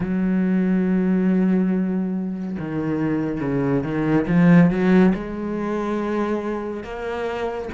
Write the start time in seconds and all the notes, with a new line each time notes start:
0.00 F#3
2.59 D#3
3.41 C#3
3.83 D#3
4.27 F3
4.70 F#3
5.14 G#3
6.83 A#3